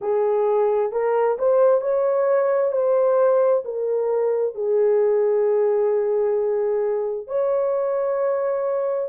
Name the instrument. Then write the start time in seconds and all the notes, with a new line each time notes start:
horn
0.01 G#4
0.92 A#4
1.38 C5
1.81 C#5
2.72 C5
3.64 A#4
4.55 G#4
7.27 C#5